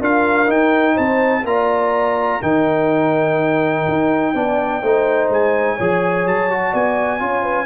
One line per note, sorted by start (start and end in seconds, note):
0.00 0.48 D4
0.00 0.47 F4
0.00 0.95 A#4
0.00 0.51 F5
0.47 1.43 D#4
0.47 0.96 D#4
0.47 0.97 G5
0.95 1.45 C4
0.95 1.43 C5
0.95 1.45 A5
1.45 2.41 A#3
1.45 2.42 F4
1.45 2.43 D5
1.45 2.43 A#5
2.42 3.87 D#3
2.42 4.34 D#4
2.42 4.35 A#4
2.42 5.30 G5
3.88 4.34 D#4
4.34 4.82 B3
4.34 4.82 D4
4.34 4.82 D5
4.82 5.29 A3
4.82 5.79 D#4
4.82 5.76 C5
5.29 5.78 G#3
5.29 6.28 G#5
5.76 6.26 F3
5.76 6.50 G#4
5.76 6.72 C#5
6.26 6.73 F#3
6.26 6.74 A5
6.50 7.20 F#4
6.72 7.21 B3
6.72 7.20 D5
6.72 7.66 G#5
7.20 7.66 C#4
7.20 7.66 F4
7.20 7.42 C#5
7.42 7.66 B4